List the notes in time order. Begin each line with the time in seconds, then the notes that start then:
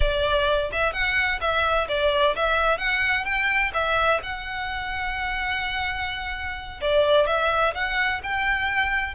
0.00 D5
0.72 E5
0.92 F#5
1.40 E5
1.88 D5
2.35 E5
2.78 F#5
3.24 G5
3.73 E5
4.22 F#5
6.81 D5
7.27 E5
7.74 F#5
8.23 G5